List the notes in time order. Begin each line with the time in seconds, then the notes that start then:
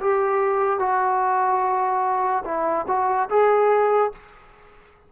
0.00 G4
0.79 F#4
2.45 E4
2.87 F#4
3.30 G#4